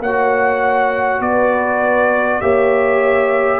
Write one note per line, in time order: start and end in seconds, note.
0.00 1.20 A#3
0.00 2.42 F#4
0.00 1.23 C#5
0.00 1.22 F#5
1.20 2.40 B3
1.20 2.42 B4
1.20 2.41 D5
2.41 3.60 A#3
2.41 3.60 G4
2.41 3.60 C#5
2.41 3.60 E5